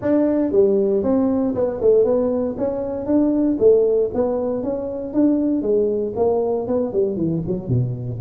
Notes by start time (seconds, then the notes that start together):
0.01 D4
0.51 G3
1.03 C4
1.55 B3
1.81 A3
2.04 B3
2.57 C#4
3.05 D4
3.59 A3
4.14 B3
4.63 C#4
5.13 D4
5.62 G#3
6.16 A#3
6.67 B3
6.92 G3
7.16 E3
7.47 F#3
7.68 B2